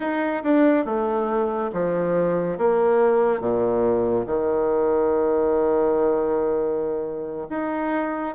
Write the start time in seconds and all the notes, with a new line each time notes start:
0.00 D#4
0.43 D4
0.85 A3
1.72 F3
2.58 A#3
3.40 A#2
4.26 D#3
7.49 D#4